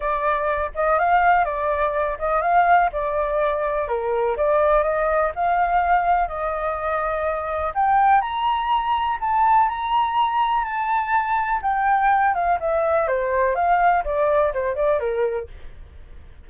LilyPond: \new Staff \with { instrumentName = "flute" } { \time 4/4 \tempo 4 = 124 d''4. dis''8 f''4 d''4~ | d''8 dis''8 f''4 d''2 | ais'4 d''4 dis''4 f''4~ | f''4 dis''2. |
g''4 ais''2 a''4 | ais''2 a''2 | g''4. f''8 e''4 c''4 | f''4 d''4 c''8 d''8 ais'4 | }